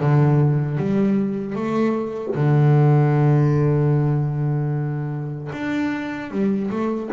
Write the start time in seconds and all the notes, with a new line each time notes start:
0.00 D3
0.78 G3
1.56 A3
2.35 D3
5.53 D4
6.31 G3
6.71 A3